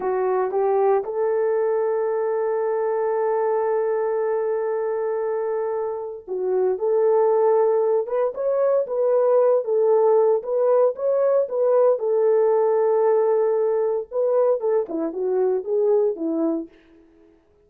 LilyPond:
\new Staff \with { instrumentName = "horn" } { \time 4/4 \tempo 4 = 115 fis'4 g'4 a'2~ | a'1~ | a'1 | fis'4 a'2~ a'8 b'8 |
cis''4 b'4. a'4. | b'4 cis''4 b'4 a'4~ | a'2. b'4 | a'8 e'8 fis'4 gis'4 e'4 | }